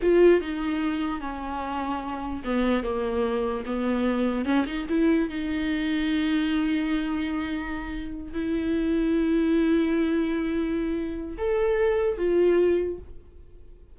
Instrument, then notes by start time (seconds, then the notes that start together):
viola
0.02 F4
0.40 D#4
1.20 C#4
2.44 B3
2.83 A#3
3.65 B3
4.45 C#4
4.66 D#4
4.88 E4
5.29 D#4
8.33 E4
11.37 A4
12.17 F4